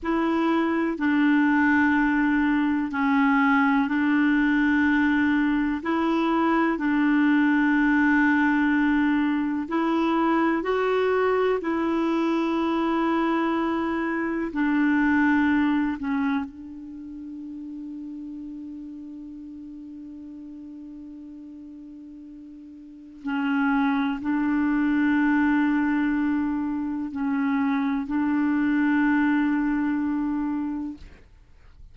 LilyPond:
\new Staff \with { instrumentName = "clarinet" } { \time 4/4 \tempo 4 = 62 e'4 d'2 cis'4 | d'2 e'4 d'4~ | d'2 e'4 fis'4 | e'2. d'4~ |
d'8 cis'8 d'2.~ | d'1 | cis'4 d'2. | cis'4 d'2. | }